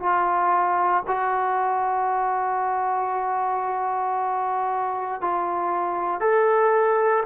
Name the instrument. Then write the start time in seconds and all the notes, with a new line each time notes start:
trombone
0.00 F4
1.08 F#4
5.21 F4
6.21 A4